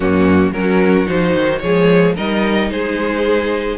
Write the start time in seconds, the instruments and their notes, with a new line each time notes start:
0.00 cello F#2, viola A#3, violin C#4 F#4
0.52 cello F#3, viola C#4, violin F#4 A#4
1.06 cello F3, viola D#4, violin C5
1.35 cello D#3
1.59 cello F3, viola G#3, violin G#4 C#5
2.15 cello G3, viola D#4, violin A#4 D#5
2.69 cello G#3, violin G#4 C5